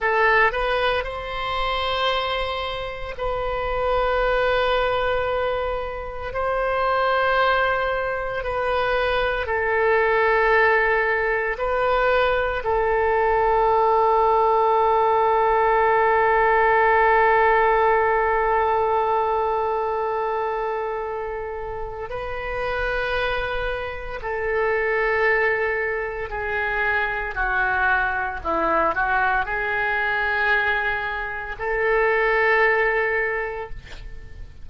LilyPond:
\new Staff \with { instrumentName = "oboe" } { \time 4/4 \tempo 4 = 57 a'8 b'8 c''2 b'4~ | b'2 c''2 | b'4 a'2 b'4 | a'1~ |
a'1~ | a'4 b'2 a'4~ | a'4 gis'4 fis'4 e'8 fis'8 | gis'2 a'2 | }